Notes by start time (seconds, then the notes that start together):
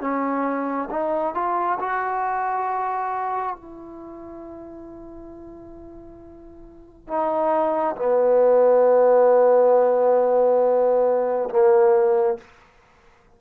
0.00 C#4
0.90 D#4
1.34 F4
1.79 F#4
3.56 E4
7.07 D#4
7.96 B3
11.49 A#3